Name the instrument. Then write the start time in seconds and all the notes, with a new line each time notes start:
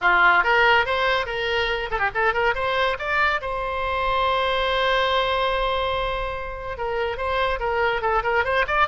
oboe
0.01 F4
0.43 A#4
0.85 C5
1.26 A#4
1.90 A4
1.99 G4
2.14 A4
2.33 A#4
2.54 C5
2.98 D5
3.41 C5
6.77 A#4
7.17 C5
7.59 A#4
8.01 A4
8.23 A#4
8.44 C5
8.67 D5